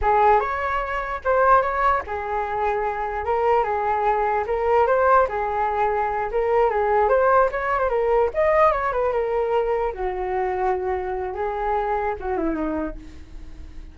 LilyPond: \new Staff \with { instrumentName = "flute" } { \time 4/4 \tempo 4 = 148 gis'4 cis''2 c''4 | cis''4 gis'2. | ais'4 gis'2 ais'4 | c''4 gis'2~ gis'8 ais'8~ |
ais'8 gis'4 c''4 cis''8. c''16 ais'8~ | ais'8 dis''4 cis''8 b'8 ais'4.~ | ais'8 fis'2.~ fis'8 | gis'2 fis'8 e'8 dis'4 | }